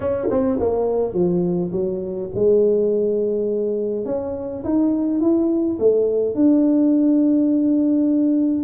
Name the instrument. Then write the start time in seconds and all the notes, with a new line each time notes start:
tuba
0.00 C#4
0.30 C4
0.59 A#3
1.13 F3
1.72 F#3
2.34 G#3
4.05 C#4
4.64 D#4
5.20 E4
5.79 A3
6.35 D4